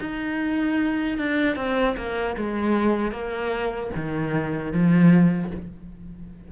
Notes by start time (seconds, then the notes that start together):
0.00 D#4
1.18 D4
1.56 C4
1.96 A#3
2.36 G#3
3.11 A#3
3.95 D#3
4.72 F3